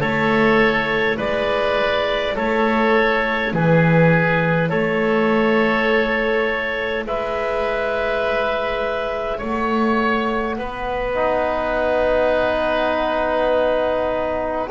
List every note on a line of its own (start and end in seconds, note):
0.00 1.18 A3
0.00 11.16 E4
0.00 1.17 A4
0.00 1.19 C#5
1.17 2.36 G#3
1.17 2.35 B4
1.17 2.37 D5
2.36 3.53 A3
2.36 3.53 A4
2.36 3.54 C#5
3.53 4.71 E3
3.53 4.69 G#4
3.53 4.70 B4
4.69 7.06 A3
4.69 7.05 A4
4.69 7.05 C#5
7.06 9.42 G#3
7.06 9.38 B4
7.06 9.40 E5
9.38 10.59 A3
9.38 10.56 C#5
9.38 14.70 F#5
10.58 14.71 B3
10.58 14.70 B4
11.16 14.69 D#4